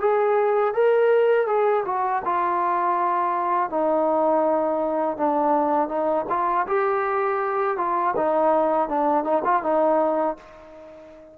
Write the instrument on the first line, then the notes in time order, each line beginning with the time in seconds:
trombone
0.00 G#4
0.74 A#4
1.47 G#4
1.86 F#4
2.25 F4
3.70 D#4
5.18 D4
5.89 D#4
6.30 F4
6.67 G4
7.78 F4
8.17 D#4
8.89 D4
9.24 D#4
9.45 F4
9.63 D#4